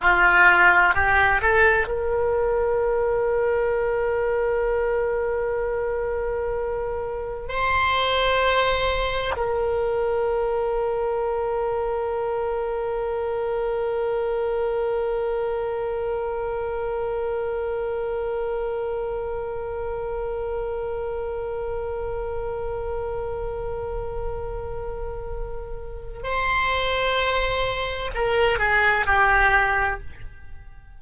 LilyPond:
\new Staff \with { instrumentName = "oboe" } { \time 4/4 \tempo 4 = 64 f'4 g'8 a'8 ais'2~ | ais'1 | c''2 ais'2~ | ais'1~ |
ais'1~ | ais'1~ | ais'1 | c''2 ais'8 gis'8 g'4 | }